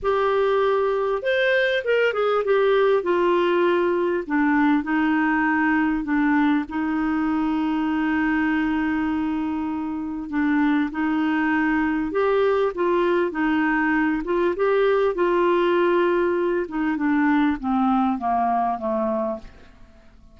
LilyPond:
\new Staff \with { instrumentName = "clarinet" } { \time 4/4 \tempo 4 = 99 g'2 c''4 ais'8 gis'8 | g'4 f'2 d'4 | dis'2 d'4 dis'4~ | dis'1~ |
dis'4 d'4 dis'2 | g'4 f'4 dis'4. f'8 | g'4 f'2~ f'8 dis'8 | d'4 c'4 ais4 a4 | }